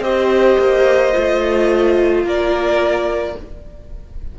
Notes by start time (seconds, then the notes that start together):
0.00 C4 G4 C5 D#5
0.59 A#3
1.12 A3 F4
2.24 A#3 A#4 D5